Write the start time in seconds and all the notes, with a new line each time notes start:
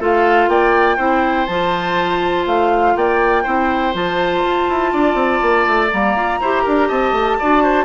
0.00 A3 F4 A4 F5
0.48 A#3 D5 G5
0.97 C4 E4 C5
1.46 F3 F4 A5
2.46 A3 F5
2.95 A#3 D5 G5
3.43 C4 E4 C5
3.93 F3 F4 A5
4.45 F4
4.69 E4
4.93 D4 D5
5.14 C4
5.42 A#3
5.67 A3
5.91 G3 A#3 A#5
6.16 F4
6.40 E4 G4 C5
6.63 D4 A#4
6.88 C4 D#5 A5
7.12 A3
7.39 D4 F#4 D5
7.63 C5